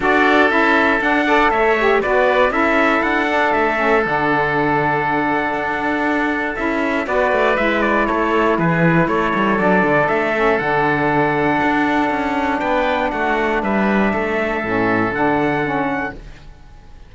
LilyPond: <<
  \new Staff \with { instrumentName = "trumpet" } { \time 4/4 \tempo 4 = 119 d''4 e''4 fis''4 e''4 | d''4 e''4 fis''4 e''4 | fis''1~ | fis''4 e''4 d''4 e''8 d''8 |
cis''4 b'4 cis''4 d''4 | e''4 fis''2.~ | fis''4 g''4 fis''4 e''4~ | e''2 fis''2 | }
  \new Staff \with { instrumentName = "oboe" } { \time 4/4 a'2~ a'8 d''8 cis''4 | b'4 a'2.~ | a'1~ | a'2 b'2 |
a'4 gis'4 a'2~ | a'1~ | a'4 b'4 fis'4 b'4 | a'1 | }
  \new Staff \with { instrumentName = "saxophone" } { \time 4/4 fis'4 e'4 d'8 a'4 g'8 | fis'4 e'4. d'4 cis'8 | d'1~ | d'4 e'4 fis'4 e'4~ |
e'2. d'4~ | d'8 cis'8 d'2.~ | d'1~ | d'4 cis'4 d'4 cis'4 | }
  \new Staff \with { instrumentName = "cello" } { \time 4/4 d'4 cis'4 d'4 a4 | b4 cis'4 d'4 a4 | d2. d'4~ | d'4 cis'4 b8 a8 gis4 |
a4 e4 a8 g8 fis8 d8 | a4 d2 d'4 | cis'4 b4 a4 g4 | a4 a,4 d2 | }
>>